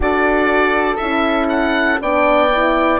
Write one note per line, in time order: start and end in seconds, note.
0.00 0.98 D4
0.00 0.97 F#4
0.00 2.01 A4
0.00 0.96 D5
0.96 2.00 C#4
0.96 2.00 E4
0.96 1.46 E5
1.49 1.99 F#5
2.00 3.00 B3
2.00 2.51 D4
2.00 3.00 D5
2.00 3.00 G5
2.52 3.00 E4